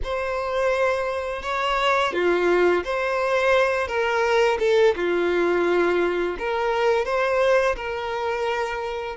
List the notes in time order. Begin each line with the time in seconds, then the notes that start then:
0.03 C5
1.42 C#5
2.13 F4
2.84 C5
3.87 A#4
4.59 A4
4.95 F4
6.38 A#4
7.05 C5
7.76 A#4